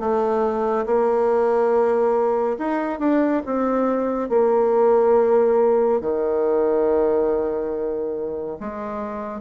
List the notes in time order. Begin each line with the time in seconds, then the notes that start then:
0.00 A3
0.86 A#3
2.58 D#4
3.00 D4
3.46 C4
4.29 A#3
6.01 D#3
8.60 G#3